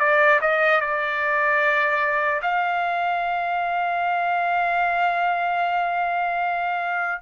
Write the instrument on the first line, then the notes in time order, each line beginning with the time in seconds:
trumpet
0.00 D5
0.41 D#5
0.81 D5
2.43 F5